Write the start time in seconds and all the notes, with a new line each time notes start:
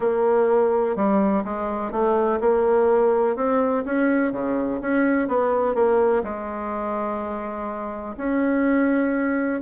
0.00 A#3
0.95 G3
1.44 G#3
1.91 A3
2.40 A#3
3.36 C4
3.85 C#4
4.32 C#3
4.81 C#4
5.28 B3
5.74 A#3
6.23 G#3
8.17 C#4